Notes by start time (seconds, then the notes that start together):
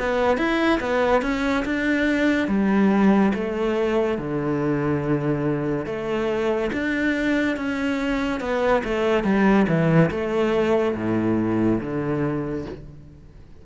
0.00 B3
0.38 E4
0.81 B3
1.23 C#4
1.66 D4
2.49 G3
3.35 A3
4.19 D3
5.87 A3
6.73 D4
7.57 C#4
8.41 B3
8.85 A3
9.24 G3
9.68 E3
10.11 A3
10.96 A2
11.81 D3